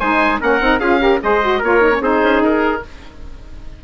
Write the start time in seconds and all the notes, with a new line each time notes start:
0.00 G#3 D#4 C5 G#5
0.41 A#3 C#4 A#4 F#5
0.61 C4 D#4
0.80 C#4 F4 G#4 F5
0.99 G4 A#4
1.23 G#3 G#4 C5 D#5
1.42 F#4
1.60 A#3 F4 A#4 C#5
1.81 D#4
1.92 C#4
2.01 C4 D#4 G#4 C5
2.23 C#4
2.42 D#4 A#4